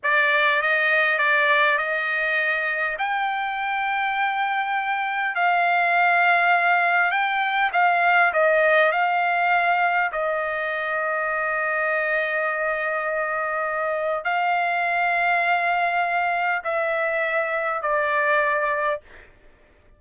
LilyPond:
\new Staff \with { instrumentName = "trumpet" } { \time 4/4 \tempo 4 = 101 d''4 dis''4 d''4 dis''4~ | dis''4 g''2.~ | g''4 f''2. | g''4 f''4 dis''4 f''4~ |
f''4 dis''2.~ | dis''1 | f''1 | e''2 d''2 | }